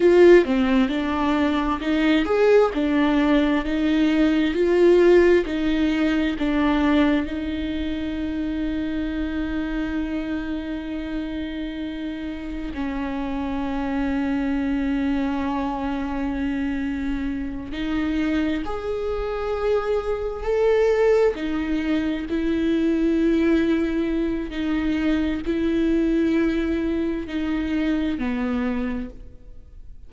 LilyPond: \new Staff \with { instrumentName = "viola" } { \time 4/4 \tempo 4 = 66 f'8 c'8 d'4 dis'8 gis'8 d'4 | dis'4 f'4 dis'4 d'4 | dis'1~ | dis'2 cis'2~ |
cis'2.~ cis'8 dis'8~ | dis'8 gis'2 a'4 dis'8~ | dis'8 e'2~ e'8 dis'4 | e'2 dis'4 b4 | }